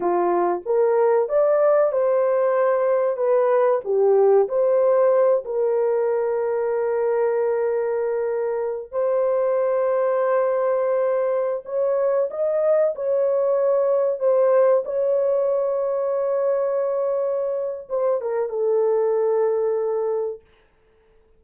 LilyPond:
\new Staff \with { instrumentName = "horn" } { \time 4/4 \tempo 4 = 94 f'4 ais'4 d''4 c''4~ | c''4 b'4 g'4 c''4~ | c''8 ais'2.~ ais'8~ | ais'2 c''2~ |
c''2~ c''16 cis''4 dis''8.~ | dis''16 cis''2 c''4 cis''8.~ | cis''1 | c''8 ais'8 a'2. | }